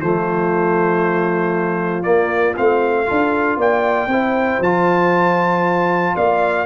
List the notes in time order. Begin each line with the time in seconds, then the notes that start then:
0.00 F3 A3 F4 C5
2.02 A#3 D5
2.56 A3 C4 F5
3.05 D4 F4 A4
3.56 A#3 D5 G5
4.07 C4 E4 C5
4.59 F3 F4 A5
6.15 A#3 D5 F5